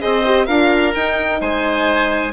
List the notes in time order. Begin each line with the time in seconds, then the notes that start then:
0.00 C4 G#4 C5 D#5
0.26 G4
0.47 D4 F4 A#4 F5
0.95 D#4 G5
1.41 G#3 C5 G#5